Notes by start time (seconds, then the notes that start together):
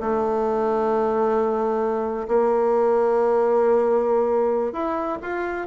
0.00 A3
2.28 A#3
4.73 E4
5.22 F4